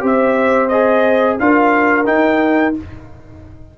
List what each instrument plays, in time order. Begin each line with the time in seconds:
0.00 tuba C4, trombone G4, horn C5, trumpet E5
0.68 trombone G#4, trumpet D#5
1.39 tuba D4, trombone F4, horn A#4, trumpet F5
2.05 trombone D#4, tuba D#4, trumpet G5